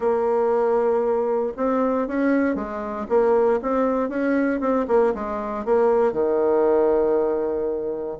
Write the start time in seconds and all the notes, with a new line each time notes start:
0.00 A#3
1.56 C4
2.07 C#4
2.55 G#3
3.08 A#3
3.62 C4
4.09 C#4
4.60 C4
4.87 A#3
5.14 G#3
5.65 A#3
6.12 D#3